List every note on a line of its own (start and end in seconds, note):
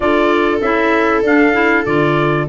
0.00 0.60 D4
0.00 0.62 F4
0.00 2.49 A4
0.00 0.60 D5
0.61 1.22 C#4
0.61 1.24 E4
0.61 1.23 E5
1.22 1.84 D4
1.22 1.53 D4
1.22 1.85 F5
1.53 1.84 E4
1.85 2.48 D3
1.85 2.48 F4
1.85 2.47 D5